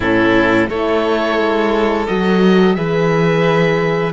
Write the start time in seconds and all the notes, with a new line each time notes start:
0.00 A2 C#4 E4 A4
0.69 A3 E4 A4 C#5
1.38 G#3
2.06 F#3 F#4 D#5
2.74 E3 G#4 B4 E5